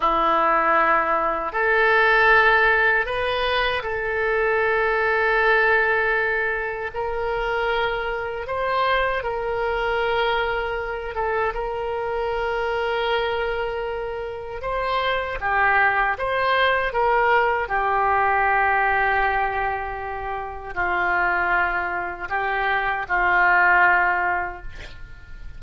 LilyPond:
\new Staff \with { instrumentName = "oboe" } { \time 4/4 \tempo 4 = 78 e'2 a'2 | b'4 a'2.~ | a'4 ais'2 c''4 | ais'2~ ais'8 a'8 ais'4~ |
ais'2. c''4 | g'4 c''4 ais'4 g'4~ | g'2. f'4~ | f'4 g'4 f'2 | }